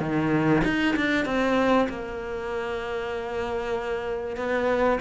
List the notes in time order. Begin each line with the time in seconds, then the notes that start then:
0.00 D#3
0.64 D#4
0.97 D4
1.26 C4
1.89 A#3
4.37 B3